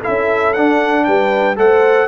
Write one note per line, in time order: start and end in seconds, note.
0.00 0.55 E4
0.00 1.03 A4
0.00 0.53 E5
0.08 0.57 C#4
0.53 1.56 D4
0.53 1.07 D4
0.53 1.04 F#5
1.04 1.58 G3
1.04 1.58 B4
1.04 1.56 G5
1.56 2.08 A3
1.56 2.07 A4
1.56 2.08 C5
1.56 2.08 F#5